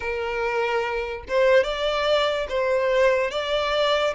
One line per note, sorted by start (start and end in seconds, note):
0.00 1.23 A#4
1.28 1.63 C5
1.63 2.47 D5
2.48 3.30 C5
3.30 4.14 D5